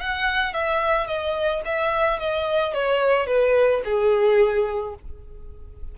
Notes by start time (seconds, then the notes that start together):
0.00 F#5
0.53 E5
1.07 D#5
1.65 E5
2.19 D#5
2.73 C#5
3.27 B4
3.85 G#4